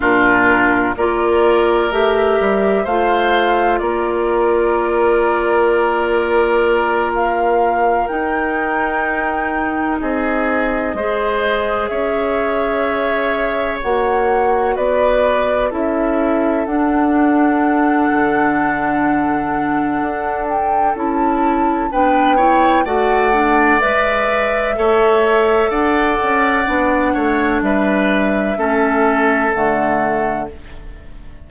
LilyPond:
<<
  \new Staff \with { instrumentName = "flute" } { \time 4/4 \tempo 4 = 63 ais'4 d''4 e''4 f''4 | d''2.~ d''8 f''8~ | f''8 g''2 dis''4.~ | dis''8 e''2 fis''4 d''8~ |
d''8 e''4 fis''2~ fis''8~ | fis''4. g''8 a''4 g''4 | fis''4 e''2 fis''4~ | fis''4 e''2 fis''4 | }
  \new Staff \with { instrumentName = "oboe" } { \time 4/4 f'4 ais'2 c''4 | ais'1~ | ais'2~ ais'8 gis'4 c''8~ | c''8 cis''2. b'8~ |
b'8 a'2.~ a'8~ | a'2. b'8 cis''8 | d''2 cis''4 d''4~ | d''8 cis''8 b'4 a'2 | }
  \new Staff \with { instrumentName = "clarinet" } { \time 4/4 d'4 f'4 g'4 f'4~ | f'1~ | f'8 dis'2. gis'8~ | gis'2~ gis'8 fis'4.~ |
fis'8 e'4 d'2~ d'8~ | d'2 e'4 d'8 e'8 | fis'8 d'8 b'4 a'2 | d'2 cis'4 a4 | }
  \new Staff \with { instrumentName = "bassoon" } { \time 4/4 ais,4 ais4 a8 g8 a4 | ais1~ | ais8 dis'2 c'4 gis8~ | gis8 cis'2 ais4 b8~ |
b8 cis'4 d'4. d4~ | d4 d'4 cis'4 b4 | a4 gis4 a4 d'8 cis'8 | b8 a8 g4 a4 d4 | }
>>